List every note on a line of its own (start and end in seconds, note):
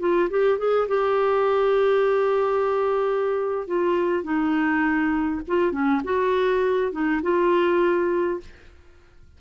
0.00 0.29 F4
0.30 0.59 G4
0.59 0.88 G#4
0.89 3.67 G4
3.67 4.24 F4
4.24 5.41 D#4
5.48 5.72 F4
5.72 6.02 C#4
6.05 6.92 F#4
6.92 7.22 D#4
7.23 8.40 F4